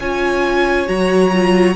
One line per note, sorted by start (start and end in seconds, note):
0.00 0.88 C#4
0.00 0.87 F4
0.00 1.76 C#5
0.00 0.89 G#5
0.87 1.76 F#3
0.87 1.31 F#4
0.87 1.76 A#5
1.33 1.76 F4